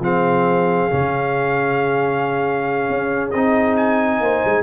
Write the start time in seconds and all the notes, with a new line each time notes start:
0.00 F3 C4 G#4 F5
0.91 C#3 C#4
2.90 C#4
3.31 C4 D#4 D#5
3.77 G#5
4.21 A#3 C5
4.45 G#3